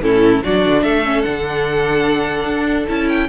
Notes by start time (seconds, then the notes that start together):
0.00 A2 C#4 E4 A4
0.44 F#3 D4 F#4 D5
0.66 D3
0.83 A3 A4 E5
1.05 C#4
1.22 D3 D4 F#5
2.45 D4
2.88 C#4 E4 A5
3.09 G5